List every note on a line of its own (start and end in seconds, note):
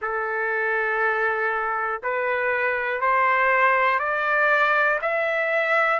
0.01 2.01 A4
2.02 3.00 B4
3.00 3.99 C5
3.99 4.99 D5
5.01 5.99 E5